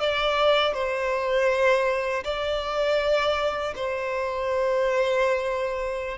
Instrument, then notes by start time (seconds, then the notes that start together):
violin
0.00 D5
0.74 C5
2.24 D5
3.76 C5